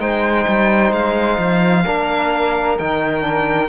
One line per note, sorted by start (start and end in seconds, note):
0.00 0.46 G#3
0.00 1.85 D#4
0.00 1.85 C5
0.00 0.93 G5
0.48 0.92 G3
0.92 1.38 G#3
0.92 2.78 F5
1.39 1.85 F3
1.85 2.80 A#3
1.85 2.79 D4
1.85 3.69 A#4
2.79 3.69 D#3
2.79 3.21 D#4
2.79 3.69 G5
3.21 3.67 D4